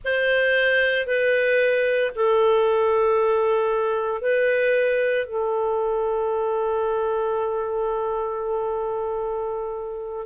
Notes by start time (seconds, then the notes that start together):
0.04 C5
1.06 B4
2.15 A4
4.21 B4
5.26 A4